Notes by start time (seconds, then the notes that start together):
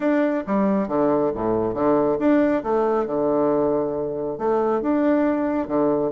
0.00 D4
0.46 G3
0.88 D3
1.35 A2
1.74 D3
2.19 D4
2.63 A3
3.06 D3
4.38 A3
4.81 D4
5.67 D3